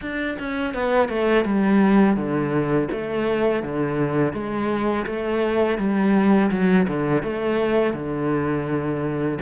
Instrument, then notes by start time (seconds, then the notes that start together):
cello
0.01 D4
0.38 C#4
0.74 B3
1.08 A3
1.45 G3
2.16 D3
2.91 A3
3.62 D3
4.33 G#3
5.06 A3
5.78 G3
6.50 F#3
6.87 D3
7.23 A3
7.93 D3